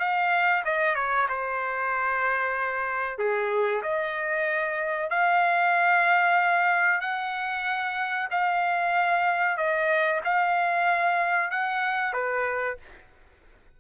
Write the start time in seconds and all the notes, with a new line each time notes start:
0.00 F5
0.65 D#5
0.96 C#5
1.29 C5
3.19 G#4
3.83 D#5
5.10 F5
7.01 F#5
8.31 F5
9.58 D#5
10.25 F5
11.51 F#5
12.14 B4